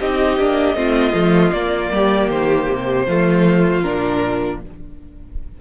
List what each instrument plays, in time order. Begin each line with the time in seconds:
0.00 cello C4, viola D#4, violin G4 D#5
0.39 cello A#3, viola D4
0.75 cello A3, viola C4, violin F4
1.13 cello F3, viola A3
1.52 cello A#3, viola A#3, violin D5
1.91 cello G3, violin G4
2.30 cello D#3, violin C5
2.69 cello C3
3.07 cello F3, viola A3, violin F4
3.82 cello A#2, viola D4, violin A#4